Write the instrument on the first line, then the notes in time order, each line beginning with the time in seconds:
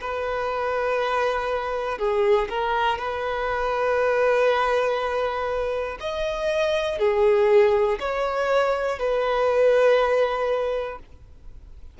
violin
0.00 B4
1.98 G#4
2.49 A#4
2.98 B4
6.00 D#5
6.99 G#4
8.00 C#5
8.99 B4